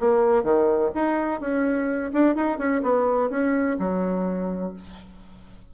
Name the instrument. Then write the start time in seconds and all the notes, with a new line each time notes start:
bassoon
0.00 A#3
0.44 D#3
0.95 D#4
1.41 C#4
2.13 D4
2.36 D#4
2.58 C#4
2.83 B3
3.30 C#4
3.79 F#3